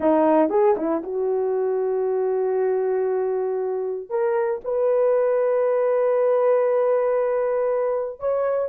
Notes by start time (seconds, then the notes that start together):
0.00 D#4
0.49 G#4
0.76 E4
1.03 F#4
4.09 A#4
4.64 B4
8.19 C#5